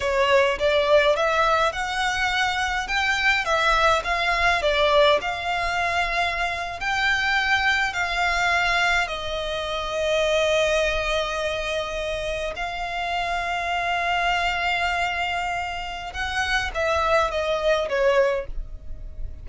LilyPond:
\new Staff \with { instrumentName = "violin" } { \time 4/4 \tempo 4 = 104 cis''4 d''4 e''4 fis''4~ | fis''4 g''4 e''4 f''4 | d''4 f''2~ f''8. g''16~ | g''4.~ g''16 f''2 dis''16~ |
dis''1~ | dis''4.~ dis''16 f''2~ f''16~ | f''1 | fis''4 e''4 dis''4 cis''4 | }